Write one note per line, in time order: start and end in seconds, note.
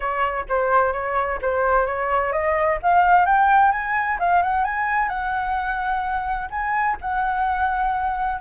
0.00 0.45 C#5
0.48 0.92 C5
0.92 1.39 C#5
1.41 1.86 C5
1.86 2.32 C#5
2.32 2.78 D#5
2.82 3.25 F5
3.25 3.71 G5
3.71 4.18 G#5
4.19 4.42 F5
4.42 4.64 F#5
4.64 5.08 G#5
5.08 6.48 F#5
6.50 6.96 G#5
7.01 8.40 F#5